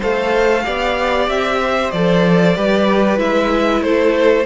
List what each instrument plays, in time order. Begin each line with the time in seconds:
0.00 cello A3, viola A4, violin C5 F5
0.65 cello B3, viola G4, violin D5
1.28 cello C4, violin E5
1.62 violin C5
1.92 cello F3, viola A4, violin D5
2.55 cello G3, viola G4, violin B4
3.17 cello G#3, viola E4, violin E5
3.82 cello A3, violin A4 C5